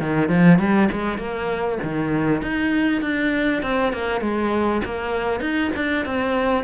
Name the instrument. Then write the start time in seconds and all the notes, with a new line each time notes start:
cello
0.00 D#3
0.29 F3
0.59 G3
0.92 G#3
1.18 A#3
1.83 D#3
2.42 D#4
3.02 D4
3.63 C4
3.93 A#3
4.21 G#3
4.85 A#3
5.40 D#4
5.76 D4
6.06 C4